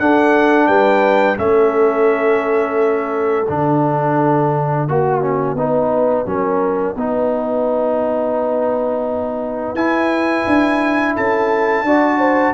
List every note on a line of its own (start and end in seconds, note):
0.00 0.68 D4
0.00 1.37 D4
0.00 0.68 A4
0.00 0.67 F#5
0.67 1.38 G3
0.67 1.38 B4
0.67 1.37 G5
1.37 3.48 A3
1.37 3.46 C#4
1.37 4.89 A4
1.37 3.47 E5
3.47 4.89 D3
3.47 4.89 D4
3.47 9.75 F#5
4.89 5.55 A#3
4.89 5.58 F#4
4.89 5.22 F#4
5.22 5.56 C#4
5.55 6.25 B3
5.55 6.26 D#4
5.55 6.28 B4
6.26 6.96 F#3
6.26 6.96 C#4
6.26 6.98 A#4
6.96 9.75 B3
6.96 9.77 D#4
6.96 11.15 B4
9.75 10.44 E4
9.75 11.86 E4
9.75 11.15 G#5
10.47 11.17 D4
11.15 11.83 C#4
11.15 11.85 A4
11.15 12.55 A5
11.83 12.53 D4
11.83 12.55 F#4
11.83 12.19 D5
12.19 12.54 C5